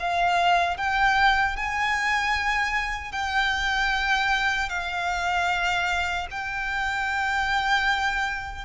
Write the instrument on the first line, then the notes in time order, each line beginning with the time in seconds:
violin
0.00 F5
0.78 G5
1.57 G#5
3.12 G5
4.70 F5
6.32 G5